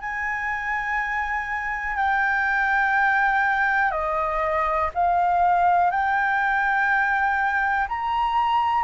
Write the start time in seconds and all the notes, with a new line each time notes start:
0.00 G#5
1.97 G5
3.91 D#5
4.94 F5
5.91 G5
7.89 A#5